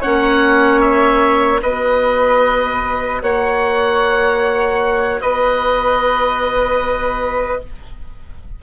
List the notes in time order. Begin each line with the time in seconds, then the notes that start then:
0.00 A#3 C#4 C#5 F#5
0.81 E5
1.60 B3 F#4 B4 D#5
3.22 A#3 C#5 F#5
5.21 B3 B4 D#5